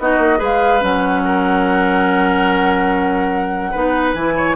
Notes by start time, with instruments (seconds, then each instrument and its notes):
0.00 bassoon B3, clarinet D#4, oboe F#4, flute D#5
0.18 bassoon A#3
0.38 bassoon G#3, clarinet G#4, oboe B4
0.44 flute F5
0.81 bassoon F#3, clarinet C#4, flute F#5
1.25 oboe A#4
3.71 bassoon B3, clarinet D#4, oboe B4
4.14 bassoon E3, clarinet E4, flute G#5
4.37 oboe C#5